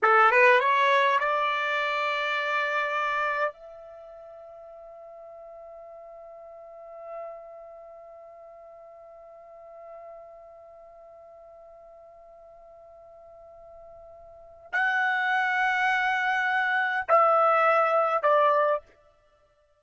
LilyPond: \new Staff \with { instrumentName = "trumpet" } { \time 4/4 \tempo 4 = 102 a'8 b'8 cis''4 d''2~ | d''2 e''2~ | e''1~ | e''1~ |
e''1~ | e''1~ | e''4 fis''2.~ | fis''4 e''2 d''4 | }